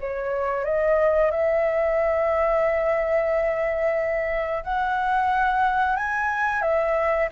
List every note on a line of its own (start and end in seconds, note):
0.00 0.64 C#5
0.64 1.30 D#5
1.31 4.64 E5
4.64 5.96 F#5
5.96 6.62 G#5
6.62 7.28 E5